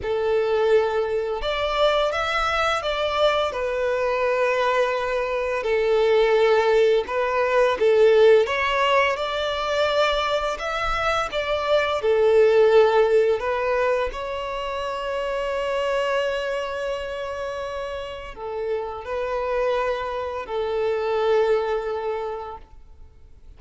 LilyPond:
\new Staff \with { instrumentName = "violin" } { \time 4/4 \tempo 4 = 85 a'2 d''4 e''4 | d''4 b'2. | a'2 b'4 a'4 | cis''4 d''2 e''4 |
d''4 a'2 b'4 | cis''1~ | cis''2 a'4 b'4~ | b'4 a'2. | }